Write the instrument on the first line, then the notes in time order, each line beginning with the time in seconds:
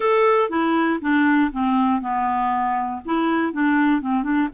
clarinet
0.00 A4
0.49 E4
1.01 D4
1.52 C4
2.01 B3
3.05 E4
3.52 D4
4.01 C4
4.23 D4